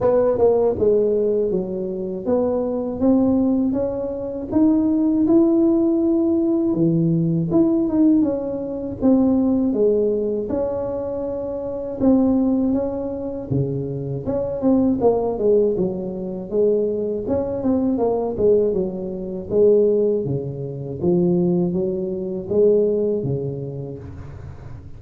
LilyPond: \new Staff \with { instrumentName = "tuba" } { \time 4/4 \tempo 4 = 80 b8 ais8 gis4 fis4 b4 | c'4 cis'4 dis'4 e'4~ | e'4 e4 e'8 dis'8 cis'4 | c'4 gis4 cis'2 |
c'4 cis'4 cis4 cis'8 c'8 | ais8 gis8 fis4 gis4 cis'8 c'8 | ais8 gis8 fis4 gis4 cis4 | f4 fis4 gis4 cis4 | }